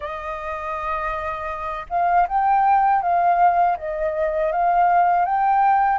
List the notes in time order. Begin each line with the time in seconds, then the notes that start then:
0.00 D#5
1.90 F5
2.28 G5
3.01 F5
3.77 D#5
4.52 F5
5.25 G5